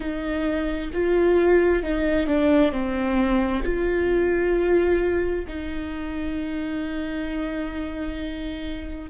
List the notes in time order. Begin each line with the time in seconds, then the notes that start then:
0.00 D#4
0.93 F4
1.82 D#4
2.26 D4
2.72 C4
3.63 F4
5.47 D#4